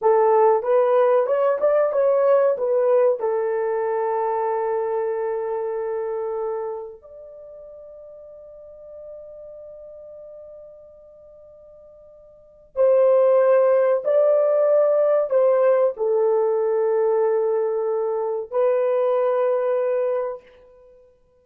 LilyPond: \new Staff \with { instrumentName = "horn" } { \time 4/4 \tempo 4 = 94 a'4 b'4 cis''8 d''8 cis''4 | b'4 a'2.~ | a'2. d''4~ | d''1~ |
d''1 | c''2 d''2 | c''4 a'2.~ | a'4 b'2. | }